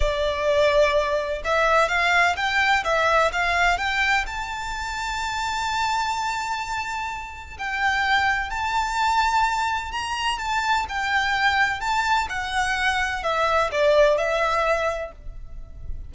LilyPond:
\new Staff \with { instrumentName = "violin" } { \time 4/4 \tempo 4 = 127 d''2. e''4 | f''4 g''4 e''4 f''4 | g''4 a''2.~ | a''1 |
g''2 a''2~ | a''4 ais''4 a''4 g''4~ | g''4 a''4 fis''2 | e''4 d''4 e''2 | }